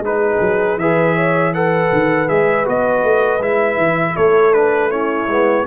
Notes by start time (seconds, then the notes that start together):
0.00 G#3 D#4 G#4 B4
0.41 F#3
0.77 E3 G#4 B4 E5
1.16 C#5
1.54 A4 B4 F#5
1.93 D#3
2.29 G#3 G#4 E5
2.65 B3 F#4 D#5
3.04 A3
3.40 G#3 E4 E5
3.78 E3
4.16 A3 A4 C#5
4.54 D4 B4
4.91 C#4 E4 C#5
5.28 G#3 B3